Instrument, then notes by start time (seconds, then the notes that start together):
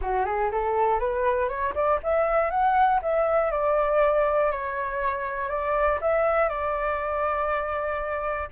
flute
0.01 F#4
0.25 G#4
0.51 A4
0.99 B4
1.48 C#5
1.74 D5
2.03 E5
2.50 F#5
3.01 E5
3.51 D5
4.51 C#5
5.49 D5
6.01 E5
6.48 D5